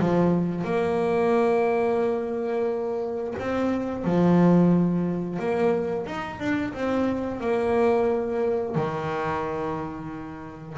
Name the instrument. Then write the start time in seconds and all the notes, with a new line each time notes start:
double bass
0.00 F3
0.65 A#3
3.40 C4
4.05 F3
5.40 A#3
6.07 D#4
6.40 D4
6.74 C4
7.41 A#3
8.76 D#3